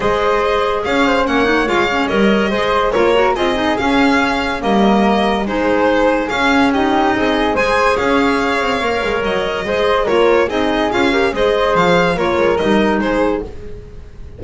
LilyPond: <<
  \new Staff \with { instrumentName = "violin" } { \time 4/4 \tempo 4 = 143 dis''2 f''4 fis''4 | f''4 dis''2 cis''4 | dis''4 f''2 dis''4~ | dis''4 c''2 f''4 |
dis''2 gis''4 f''4~ | f''2 dis''2 | cis''4 dis''4 f''4 dis''4 | f''4 cis''4 dis''4 c''4 | }
  \new Staff \with { instrumentName = "flute" } { \time 4/4 c''2 cis''8 c''8 cis''4~ | cis''2 c''4 ais'4 | gis'2. ais'4~ | ais'4 gis'2. |
g'4 gis'4 c''4 cis''4~ | cis''2. c''4 | ais'4 gis'4. ais'8 c''4~ | c''4 ais'2 gis'4 | }
  \new Staff \with { instrumentName = "clarinet" } { \time 4/4 gis'2. cis'8 dis'8 | f'8 cis'8 ais'4 gis'4 f'8 fis'8 | f'8 dis'8 cis'2 ais4~ | ais4 dis'2 cis'4 |
dis'2 gis'2~ | gis'4 ais'2 gis'4 | f'4 dis'4 f'8 g'8 gis'4~ | gis'4 f'4 dis'2 | }
  \new Staff \with { instrumentName = "double bass" } { \time 4/4 gis2 cis'4 ais4 | gis4 g4 gis4 ais4 | c'4 cis'2 g4~ | g4 gis2 cis'4~ |
cis'4 c'4 gis4 cis'4~ | cis'8 c'8 ais8 gis8 fis4 gis4 | ais4 c'4 cis'4 gis4 | f4 ais8 gis8 g4 gis4 | }
>>